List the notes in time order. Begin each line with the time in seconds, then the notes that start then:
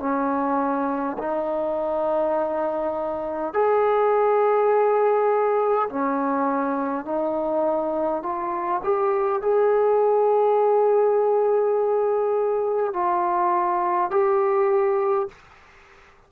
0.00 C#4
1.19 D#4
3.54 G#4
5.90 C#4
7.05 D#4
8.23 F4
8.84 G4
9.42 G#4
12.94 F4
14.11 G4